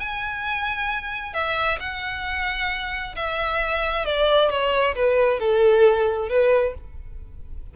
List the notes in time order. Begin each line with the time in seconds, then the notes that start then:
0.00 G#5
1.34 E5
1.80 F#5
3.16 E5
4.05 D5
4.50 C#5
4.96 B4
5.40 A4
6.29 B4